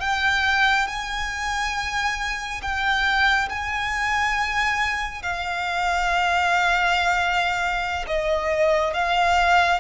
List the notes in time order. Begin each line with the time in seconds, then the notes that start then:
0.00 G5
0.87 G#5
2.62 G5
3.49 G#5
5.23 F5
8.07 D#5
8.94 F5